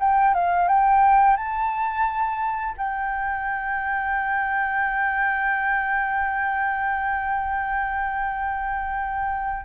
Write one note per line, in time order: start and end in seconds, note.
0.00 0.34 G5
0.34 0.68 F5
0.68 1.37 G5
1.37 2.75 A5
2.78 9.66 G5